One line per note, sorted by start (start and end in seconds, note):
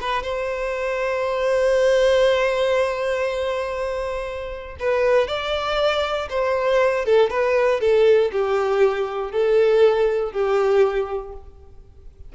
0.00 0.22 B4
0.22 4.76 C5
4.79 5.27 B4
5.27 6.28 D5
6.29 7.05 C5
7.05 7.30 A4
7.30 7.80 B4
7.80 8.31 A4
8.32 9.31 G4
9.31 10.32 A4
10.32 11.32 G4